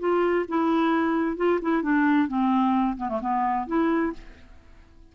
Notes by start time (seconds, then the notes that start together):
0.00 F4
0.49 E4
1.37 F4
1.62 E4
1.83 D4
2.28 C4
2.97 B3
3.09 A3
3.21 B3
3.67 E4